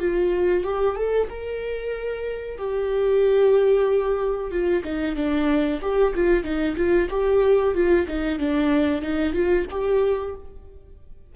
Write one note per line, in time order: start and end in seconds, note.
0.00 0.64 F4
0.64 0.96 G4
0.96 1.29 A4
1.30 2.58 A#4
2.58 4.52 G4
4.52 4.84 F4
4.85 5.16 D#4
5.16 5.81 D4
5.82 6.14 G4
6.15 6.44 F4
6.44 6.76 D#4
6.77 7.09 F4
7.11 7.75 G4
7.75 8.07 F4
8.08 8.39 D#4
8.39 9.02 D4
9.02 9.34 D#4
9.34 9.66 F4
9.71 10.35 G4